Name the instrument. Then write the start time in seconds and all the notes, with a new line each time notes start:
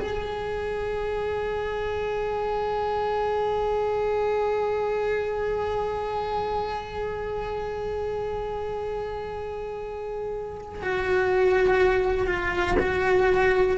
cello
0.00 G#4
10.82 F#4
12.27 F4
12.79 F#4